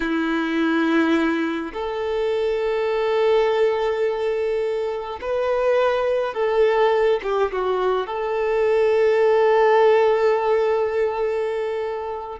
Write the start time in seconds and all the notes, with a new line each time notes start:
0.00 E4
1.73 A4
5.21 B4
6.34 A4
7.22 G4
7.52 F#4
8.06 A4